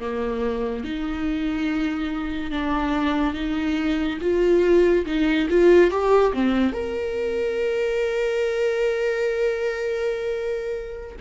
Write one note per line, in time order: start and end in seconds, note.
0.00 0.85 A#3
0.85 2.51 D#4
2.51 3.34 D4
3.34 4.19 D#4
4.21 5.06 F4
5.06 5.48 D#4
5.50 5.91 F4
5.91 6.33 G4
6.34 6.73 C4
6.73 11.16 A#4